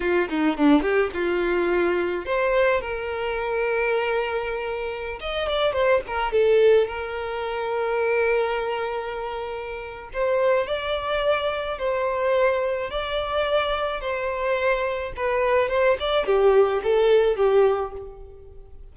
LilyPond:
\new Staff \with { instrumentName = "violin" } { \time 4/4 \tempo 4 = 107 f'8 dis'8 d'8 g'8 f'2 | c''4 ais'2.~ | ais'4~ ais'16 dis''8 d''8 c''8 ais'8 a'8.~ | a'16 ais'2.~ ais'8.~ |
ais'2 c''4 d''4~ | d''4 c''2 d''4~ | d''4 c''2 b'4 | c''8 d''8 g'4 a'4 g'4 | }